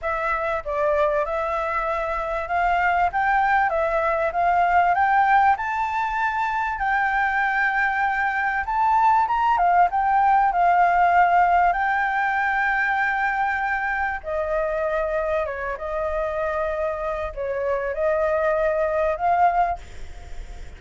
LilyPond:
\new Staff \with { instrumentName = "flute" } { \time 4/4 \tempo 4 = 97 e''4 d''4 e''2 | f''4 g''4 e''4 f''4 | g''4 a''2 g''4~ | g''2 a''4 ais''8 f''8 |
g''4 f''2 g''4~ | g''2. dis''4~ | dis''4 cis''8 dis''2~ dis''8 | cis''4 dis''2 f''4 | }